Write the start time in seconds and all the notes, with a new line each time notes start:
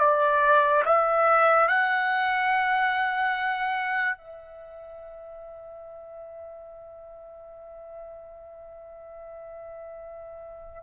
0.00 D5
0.86 E5
1.69 F#5
4.18 E5